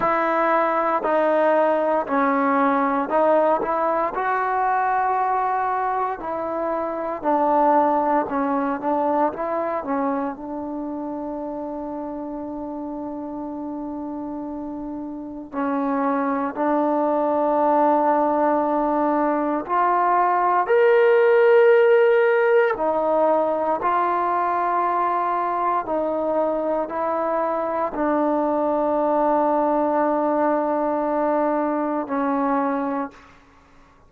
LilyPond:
\new Staff \with { instrumentName = "trombone" } { \time 4/4 \tempo 4 = 58 e'4 dis'4 cis'4 dis'8 e'8 | fis'2 e'4 d'4 | cis'8 d'8 e'8 cis'8 d'2~ | d'2. cis'4 |
d'2. f'4 | ais'2 dis'4 f'4~ | f'4 dis'4 e'4 d'4~ | d'2. cis'4 | }